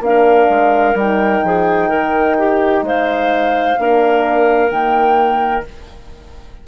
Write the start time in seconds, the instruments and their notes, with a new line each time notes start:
0.00 bassoon A#3, horn D4, clarinet A#4, flute F5
0.49 bassoon G#3
0.94 bassoon G3, horn D#4, flute G5
1.44 bassoon F3, clarinet G#4
1.89 bassoon D#3, clarinet A#4
2.38 clarinet G4
2.82 bassoon G#3, clarinet C5, flute F5
3.79 bassoon A#3, horn D4, clarinet A#4
4.70 bassoon D#3, horn A#3, flute G5